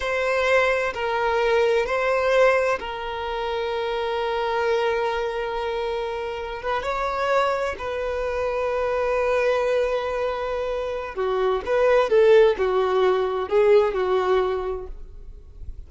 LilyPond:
\new Staff \with { instrumentName = "violin" } { \time 4/4 \tempo 4 = 129 c''2 ais'2 | c''2 ais'2~ | ais'1~ | ais'2~ ais'16 b'8 cis''4~ cis''16~ |
cis''8. b'2.~ b'16~ | b'1 | fis'4 b'4 a'4 fis'4~ | fis'4 gis'4 fis'2 | }